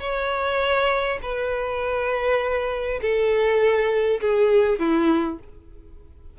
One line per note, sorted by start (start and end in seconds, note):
0.00 1.19 C#5
1.22 3.01 B4
3.01 4.20 A4
4.21 4.79 G#4
4.79 5.39 E4